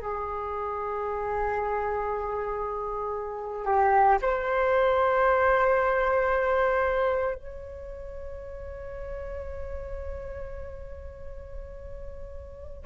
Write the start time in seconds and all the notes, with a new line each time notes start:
0.00 G#4
3.66 G4
4.22 C5
7.35 C#5